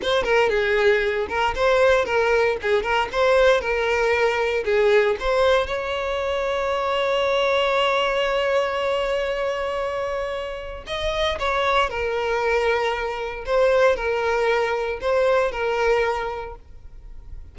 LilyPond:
\new Staff \with { instrumentName = "violin" } { \time 4/4 \tempo 4 = 116 c''8 ais'8 gis'4. ais'8 c''4 | ais'4 gis'8 ais'8 c''4 ais'4~ | ais'4 gis'4 c''4 cis''4~ | cis''1~ |
cis''1~ | cis''4 dis''4 cis''4 ais'4~ | ais'2 c''4 ais'4~ | ais'4 c''4 ais'2 | }